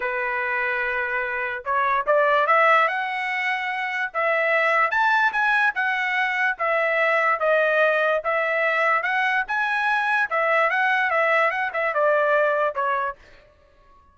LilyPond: \new Staff \with { instrumentName = "trumpet" } { \time 4/4 \tempo 4 = 146 b'1 | cis''4 d''4 e''4 fis''4~ | fis''2 e''2 | a''4 gis''4 fis''2 |
e''2 dis''2 | e''2 fis''4 gis''4~ | gis''4 e''4 fis''4 e''4 | fis''8 e''8 d''2 cis''4 | }